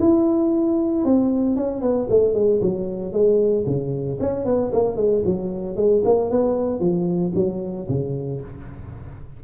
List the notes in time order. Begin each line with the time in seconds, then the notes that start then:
0.00 E4
1.05 C4
1.56 C#4
1.82 B3
2.10 A3
2.34 G#3
2.61 F#3
3.13 G#3
3.66 C#3
4.20 C#4
4.45 B3
4.73 A#3
4.96 G#3
5.25 F#3
5.76 G#3
6.05 A#3
6.30 B3
6.80 F3
7.35 F#3
7.89 C#3